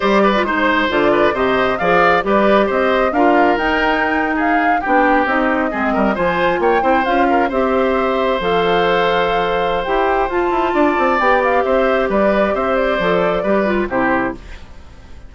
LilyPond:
<<
  \new Staff \with { instrumentName = "flute" } { \time 4/4 \tempo 4 = 134 d''4 c''4 d''4 dis''4 | f''4 d''4 dis''4 f''4 | g''4.~ g''16 f''4 g''4 dis''16~ | dis''4.~ dis''16 gis''4 g''4 f''16~ |
f''8. e''2 f''4~ f''16~ | f''2 g''4 a''4~ | a''4 g''8 f''8 e''4 d''4 | e''8 d''2~ d''8 c''4 | }
  \new Staff \with { instrumentName = "oboe" } { \time 4/4 c''8 b'8 c''4. b'8 c''4 | d''4 b'4 c''4 ais'4~ | ais'4.~ ais'16 gis'4 g'4~ g'16~ | g'8. gis'8 ais'8 c''4 cis''8 c''8.~ |
c''16 ais'8 c''2.~ c''16~ | c''1 | d''2 c''4 b'4 | c''2 b'4 g'4 | }
  \new Staff \with { instrumentName = "clarinet" } { \time 4/4 g'8. f'16 dis'4 f'4 g'4 | gis'4 g'2 f'4 | dis'2~ dis'8. d'4 dis'16~ | dis'8. c'4 f'4. e'8 f'16~ |
f'8. g'2 a'4~ a'16~ | a'2 g'4 f'4~ | f'4 g'2.~ | g'4 a'4 g'8 f'8 e'4 | }
  \new Staff \with { instrumentName = "bassoon" } { \time 4/4 g4 gis4 d4 c4 | f4 g4 c'4 d'4 | dis'2~ dis'8. b4 c'16~ | c'8. gis8 g8 f4 ais8 c'8 cis'16~ |
cis'8. c'2 f4~ f16~ | f2 e'4 f'8 e'8 | d'8 c'8 b4 c'4 g4 | c'4 f4 g4 c4 | }
>>